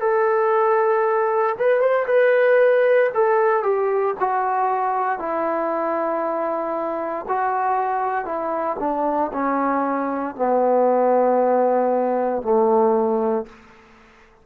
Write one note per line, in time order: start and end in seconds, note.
0.00 1.55 A4
1.58 1.80 B4
1.80 2.05 C5
2.06 3.10 B4
3.14 3.63 A4
3.63 4.14 G4
4.19 5.18 F#4
5.18 7.25 E4
7.27 8.24 F#4
8.24 8.76 E4
8.79 9.31 D4
9.32 10.35 C#4
10.35 12.42 B3
12.42 13.45 A3